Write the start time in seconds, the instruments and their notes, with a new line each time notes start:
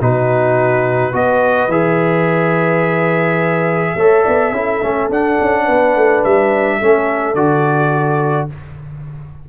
0.00 tuba B2, trombone D#4, horn F#4, trumpet B4
1.12 tuba B3, trombone F#4, horn B4, trumpet D#5
1.67 tuba E3, trombone G#4, trumpet E5
3.96 tuba A3, trombone A4, horn C#5
4.23 tuba B3, horn D5
4.52 tuba C#4, trombone E4, horn A4
4.82 tuba A3, trombone C#4
5.08 tuba D4, trombone D4, trumpet F#5
5.41 tuba C#4
5.64 tuba B3, horn B4
5.96 tuba A3
6.24 tuba G3, trumpet E5
6.78 tuba A3, trombone C#4, horn A4
7.34 tuba D3, trombone F#4, trumpet D5